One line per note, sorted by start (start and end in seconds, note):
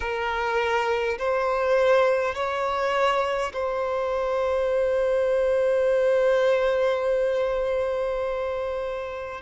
0.00 1.18 A#4
1.18 2.34 C5
2.34 3.52 C#5
3.53 9.41 C5